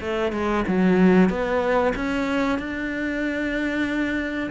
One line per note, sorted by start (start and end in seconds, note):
0.00 0.32 A3
0.32 0.64 G#3
0.67 1.29 F#3
1.29 1.93 B3
1.96 2.59 C#4
2.59 4.50 D4